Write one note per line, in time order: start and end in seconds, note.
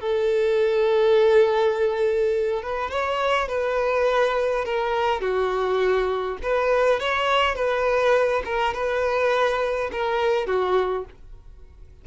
0.00 2.62 A4
2.62 2.90 B4
2.90 3.48 C#5
3.48 4.64 B4
4.64 5.21 A#4
5.21 6.37 F#4
6.42 6.99 B4
6.99 7.55 C#5
7.55 8.42 B4
8.44 8.73 A#4
8.73 9.90 B4
9.91 10.46 A#4
10.46 11.05 F#4